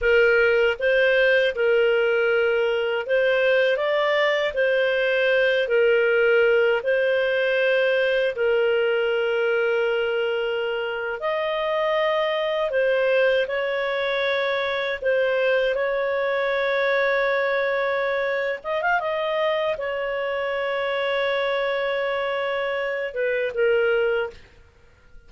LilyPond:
\new Staff \with { instrumentName = "clarinet" } { \time 4/4 \tempo 4 = 79 ais'4 c''4 ais'2 | c''4 d''4 c''4. ais'8~ | ais'4 c''2 ais'4~ | ais'2~ ais'8. dis''4~ dis''16~ |
dis''8. c''4 cis''2 c''16~ | c''8. cis''2.~ cis''16~ | cis''8 dis''16 f''16 dis''4 cis''2~ | cis''2~ cis''8 b'8 ais'4 | }